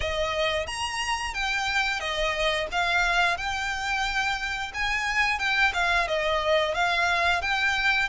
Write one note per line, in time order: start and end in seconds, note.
0.00 0.66 D#5
0.66 1.34 A#5
1.34 1.99 G5
1.99 2.67 D#5
2.71 3.37 F5
3.37 4.72 G5
4.73 5.38 G#5
5.38 5.72 G5
5.73 6.07 F5
6.07 6.74 D#5
6.74 7.41 F5
7.41 8.08 G5